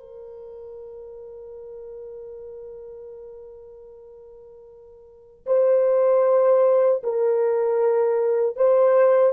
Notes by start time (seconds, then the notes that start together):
0.00 A#4
5.46 C5
7.03 A#4
8.56 C5